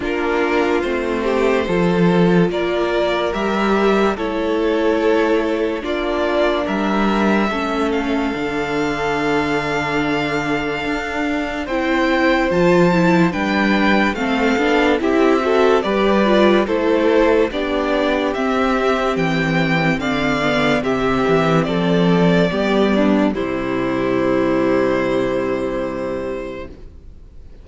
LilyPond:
<<
  \new Staff \with { instrumentName = "violin" } { \time 4/4 \tempo 4 = 72 ais'4 c''2 d''4 | e''4 cis''2 d''4 | e''4. f''2~ f''8~ | f''2 g''4 a''4 |
g''4 f''4 e''4 d''4 | c''4 d''4 e''4 g''4 | f''4 e''4 d''2 | c''1 | }
  \new Staff \with { instrumentName = "violin" } { \time 4/4 f'4. g'8 a'4 ais'4~ | ais'4 a'2 f'4 | ais'4 a'2.~ | a'2 c''2 |
b'4 a'4 g'8 a'8 b'4 | a'4 g'2. | d''4 g'4 a'4 g'8 d'8 | e'1 | }
  \new Staff \with { instrumentName = "viola" } { \time 4/4 d'4 c'4 f'2 | g'4 e'2 d'4~ | d'4 cis'4 d'2~ | d'2 e'4 f'8 e'8 |
d'4 c'8 d'8 e'8 fis'8 g'8 f'8 | e'4 d'4 c'2~ | c'8 b8 c'2 b4 | g1 | }
  \new Staff \with { instrumentName = "cello" } { \time 4/4 ais4 a4 f4 ais4 | g4 a2 ais4 | g4 a4 d2~ | d4 d'4 c'4 f4 |
g4 a8 b8 c'4 g4 | a4 b4 c'4 e4 | d4 c8 e8 f4 g4 | c1 | }
>>